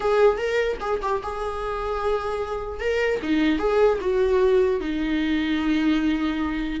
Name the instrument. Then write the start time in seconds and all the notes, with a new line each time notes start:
viola
0.00 G#4
0.37 A#4
0.80 G#4
1.02 G4
1.22 G#4
2.80 A#4
3.22 D#4
3.58 G#4
4.01 F#4
4.80 D#4